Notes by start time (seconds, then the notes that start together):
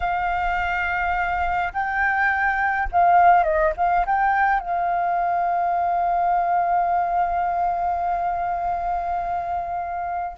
0.00 F5
1.73 G5
2.92 F5
3.43 D#5
3.76 F5
4.05 G5
4.60 F5